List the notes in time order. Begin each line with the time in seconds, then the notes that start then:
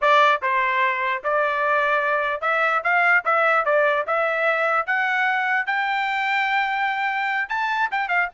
0.01 D5
0.42 C5
1.23 D5
2.41 E5
2.83 F5
3.25 E5
3.65 D5
4.07 E5
4.86 F#5
5.66 G5
7.49 A5
7.91 G5
8.08 F5